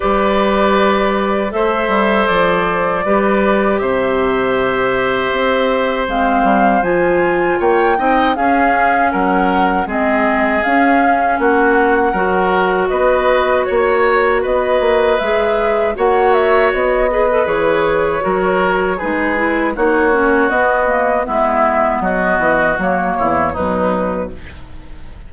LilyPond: <<
  \new Staff \with { instrumentName = "flute" } { \time 4/4 \tempo 4 = 79 d''2 e''4 d''4~ | d''4 e''2. | f''4 gis''4 g''4 f''4 | fis''4 dis''4 f''4 fis''4~ |
fis''4 dis''4 cis''4 dis''4 | e''4 fis''8 e''8 dis''4 cis''4~ | cis''4 b'4 cis''4 dis''4 | e''4 dis''4 cis''4 b'4 | }
  \new Staff \with { instrumentName = "oboe" } { \time 4/4 b'2 c''2 | b'4 c''2.~ | c''2 cis''8 dis''8 gis'4 | ais'4 gis'2 fis'4 |
ais'4 b'4 cis''4 b'4~ | b'4 cis''4. b'4. | ais'4 gis'4 fis'2 | e'4 fis'4. e'8 dis'4 | }
  \new Staff \with { instrumentName = "clarinet" } { \time 4/4 g'2 a'2 | g'1 | c'4 f'4. dis'8 cis'4~ | cis'4 c'4 cis'2 |
fis'1 | gis'4 fis'4. gis'16 a'16 gis'4 | fis'4 dis'8 e'8 dis'8 cis'8 b8 ais8 | b2 ais4 fis4 | }
  \new Staff \with { instrumentName = "bassoon" } { \time 4/4 g2 a8 g8 f4 | g4 c2 c'4 | gis8 g8 f4 ais8 c'8 cis'4 | fis4 gis4 cis'4 ais4 |
fis4 b4 ais4 b8 ais8 | gis4 ais4 b4 e4 | fis4 gis4 ais4 b4 | gis4 fis8 e8 fis8 e,8 b,4 | }
>>